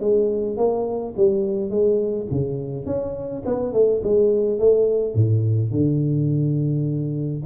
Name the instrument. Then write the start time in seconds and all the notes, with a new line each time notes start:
tuba
0.00 G#3
0.57 A#3
1.17 G3
1.70 G#3
2.31 C#3
2.86 C#4
3.46 B3
3.73 A3
4.04 G#3
4.59 A3
5.15 A2
5.71 D3